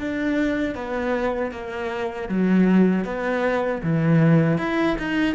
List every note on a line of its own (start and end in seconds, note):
0.00 0.76 D4
0.76 1.52 B3
1.52 2.29 A#3
2.29 3.05 F#3
3.05 3.82 B3
3.83 4.58 E3
4.58 4.97 E4
4.99 5.35 D#4